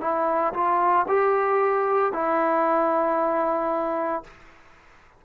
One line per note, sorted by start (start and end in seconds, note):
0.00 0.53 E4
0.53 1.06 F4
1.08 2.12 G4
2.12 4.23 E4